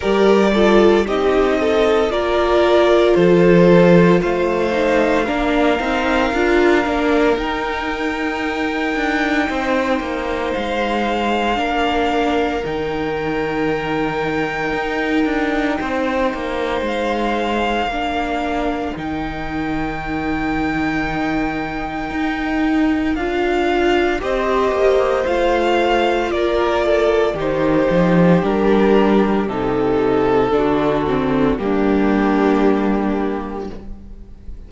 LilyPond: <<
  \new Staff \with { instrumentName = "violin" } { \time 4/4 \tempo 4 = 57 d''4 dis''4 d''4 c''4 | f''2. g''4~ | g''2 f''2 | g''1 |
f''2 g''2~ | g''2 f''4 dis''4 | f''4 d''4 c''4 ais'4 | a'2 g'2 | }
  \new Staff \with { instrumentName = "violin" } { \time 4/4 ais'8 a'8 g'8 a'8 ais'4 a'4 | c''4 ais'2.~ | ais'4 c''2 ais'4~ | ais'2. c''4~ |
c''4 ais'2.~ | ais'2. c''4~ | c''4 ais'8 a'8 g'2~ | g'4 fis'4 d'2 | }
  \new Staff \with { instrumentName = "viola" } { \time 4/4 g'8 f'8 dis'4 f'2~ | f'8 dis'8 d'8 dis'8 f'8 d'8 dis'4~ | dis'2. d'4 | dis'1~ |
dis'4 d'4 dis'2~ | dis'2 f'4 g'4 | f'2 dis'4 d'4 | dis'4 d'8 c'8 ais2 | }
  \new Staff \with { instrumentName = "cello" } { \time 4/4 g4 c'4 ais4 f4 | a4 ais8 c'8 d'8 ais8 dis'4~ | dis'8 d'8 c'8 ais8 gis4 ais4 | dis2 dis'8 d'8 c'8 ais8 |
gis4 ais4 dis2~ | dis4 dis'4 d'4 c'8 ais8 | a4 ais4 dis8 f8 g4 | c4 d4 g2 | }
>>